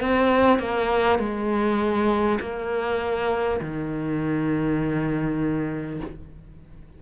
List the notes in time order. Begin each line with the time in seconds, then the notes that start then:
0.00 C4
0.58 A#3
1.18 G#3
2.40 A#3
3.61 D#3